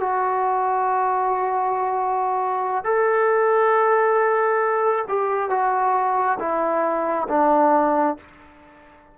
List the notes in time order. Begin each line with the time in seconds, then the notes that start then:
0.00 F#4
2.84 A4
5.08 G4
5.50 F#4
6.39 E4
7.29 D4